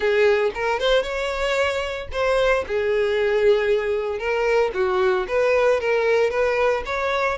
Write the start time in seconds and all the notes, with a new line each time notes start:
0.00 G#4
0.54 A#4
0.79 C5
1.03 C#5
2.12 C5
2.67 G#4
4.18 A#4
4.74 F#4
5.28 B4
5.80 A#4
6.30 B4
6.85 C#5